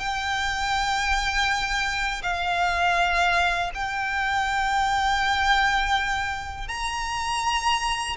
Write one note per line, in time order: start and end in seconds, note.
0.00 2.22 G5
2.23 3.71 F5
3.74 6.68 G5
6.68 8.16 A#5